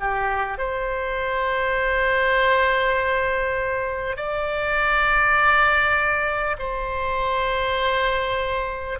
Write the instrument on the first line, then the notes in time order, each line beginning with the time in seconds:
oboe
0.00 G4
0.58 C5
4.16 D5
6.59 C5